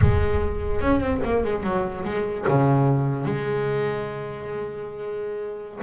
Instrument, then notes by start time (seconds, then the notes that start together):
double bass
0.01 G#3
0.80 C#4
0.99 C4
1.24 A#3
1.44 G#3
1.63 F#3
2.04 G#3
2.47 C#3
3.25 G#3